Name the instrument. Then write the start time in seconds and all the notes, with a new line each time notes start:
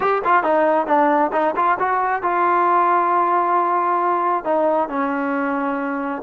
trombone
0.00 G4
0.24 F4
0.43 D#4
0.86 D4
1.32 D#4
1.56 F4
1.79 F#4
2.22 F4
4.44 D#4
4.88 C#4